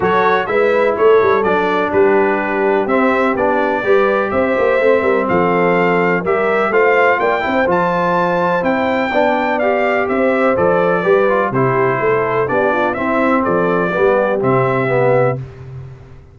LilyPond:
<<
  \new Staff \with { instrumentName = "trumpet" } { \time 4/4 \tempo 4 = 125 cis''4 e''4 cis''4 d''4 | b'2 e''4 d''4~ | d''4 e''2 f''4~ | f''4 e''4 f''4 g''4 |
a''2 g''2 | f''4 e''4 d''2 | c''2 d''4 e''4 | d''2 e''2 | }
  \new Staff \with { instrumentName = "horn" } { \time 4/4 a'4 b'4 a'2 | g'1 | b'4 c''4. ais'8 a'4~ | a'4 ais'4 c''4 d''8 c''8~ |
c''2. d''4~ | d''4 c''2 b'4 | g'4 a'4 g'8 f'8 e'4 | a'4 g'2. | }
  \new Staff \with { instrumentName = "trombone" } { \time 4/4 fis'4 e'2 d'4~ | d'2 c'4 d'4 | g'2 c'2~ | c'4 g'4 f'4. e'8 |
f'2 e'4 d'4 | g'2 a'4 g'8 f'8 | e'2 d'4 c'4~ | c'4 b4 c'4 b4 | }
  \new Staff \with { instrumentName = "tuba" } { \time 4/4 fis4 gis4 a8 g8 fis4 | g2 c'4 b4 | g4 c'8 ais8 a8 g8 f4~ | f4 g4 a4 ais8 c'8 |
f2 c'4 b4~ | b4 c'4 f4 g4 | c4 a4 b4 c'4 | f4 g4 c2 | }
>>